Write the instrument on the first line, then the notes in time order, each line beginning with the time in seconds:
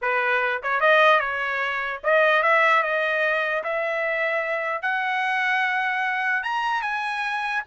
trumpet
0.01 B4
0.63 C#5
0.80 D#5
1.20 C#5
2.03 D#5
2.43 E5
2.82 D#5
3.63 E5
4.82 F#5
6.43 A#5
6.82 G#5